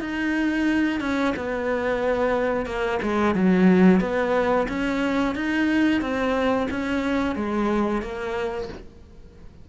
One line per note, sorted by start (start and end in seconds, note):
0.00 1.00 D#4
1.00 1.34 C#4
1.36 2.65 B3
2.65 2.99 A#3
3.02 3.34 G#3
3.34 4.00 F#3
4.00 4.67 B3
4.68 5.35 C#4
5.35 6.01 D#4
6.01 6.68 C4
6.70 7.35 C#4
7.35 8.02 G#3
8.02 8.68 A#3